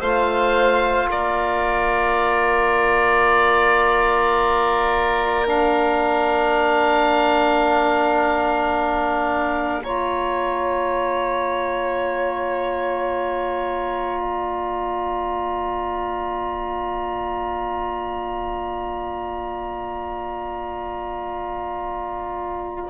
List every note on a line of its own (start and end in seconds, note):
0.00 1.10 A3
0.00 5.47 F4
0.00 1.09 C5
0.00 1.10 F5
1.10 22.91 A#3
1.10 9.83 A#4
1.10 5.48 D5
5.47 9.83 D4
5.47 9.84 F5
9.84 22.91 F4
9.84 14.20 C#5
9.84 22.91 A#5
14.20 22.91 D5